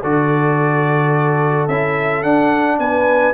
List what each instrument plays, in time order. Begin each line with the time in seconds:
0.00 tuba D3, trombone F#4, horn A4, trumpet D5
1.68 tuba C#4, trombone E4, trumpet E5
2.23 tuba D4, trombone D4, trumpet F#5
2.78 tuba B3, horn B4, trumpet G#5